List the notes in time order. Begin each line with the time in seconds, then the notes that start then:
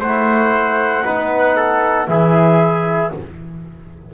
0.00 A3 E4 C5 F#5
1.05 B3 D#4 B4
1.56 A4
2.07 E3 E4 G#4 E5